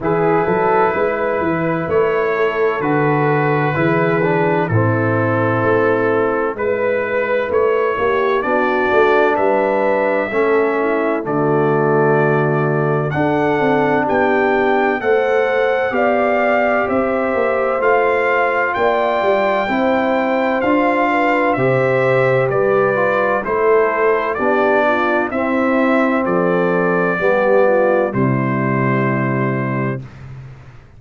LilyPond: <<
  \new Staff \with { instrumentName = "trumpet" } { \time 4/4 \tempo 4 = 64 b'2 cis''4 b'4~ | b'4 a'2 b'4 | cis''4 d''4 e''2 | d''2 fis''4 g''4 |
fis''4 f''4 e''4 f''4 | g''2 f''4 e''4 | d''4 c''4 d''4 e''4 | d''2 c''2 | }
  \new Staff \with { instrumentName = "horn" } { \time 4/4 gis'8 a'8 b'4. a'4. | gis'4 e'2 b'4~ | b'8 g'8 fis'4 b'4 a'8 e'8 | fis'2 a'4 g'4 |
c''4 d''4 c''2 | d''4 c''4. b'8 c''4 | b'4 a'4 g'8 f'8 e'4 | a'4 g'8 f'8 e'2 | }
  \new Staff \with { instrumentName = "trombone" } { \time 4/4 e'2. fis'4 | e'8 d'8 c'2 e'4~ | e'4 d'2 cis'4 | a2 d'2 |
a'4 g'2 f'4~ | f'4 e'4 f'4 g'4~ | g'8 f'8 e'4 d'4 c'4~ | c'4 b4 g2 | }
  \new Staff \with { instrumentName = "tuba" } { \time 4/4 e8 fis8 gis8 e8 a4 d4 | e4 a,4 a4 gis4 | a8 ais8 b8 a8 g4 a4 | d2 d'8 c'8 b4 |
a4 b4 c'8 ais8 a4 | ais8 g8 c'4 d'4 c4 | g4 a4 b4 c'4 | f4 g4 c2 | }
>>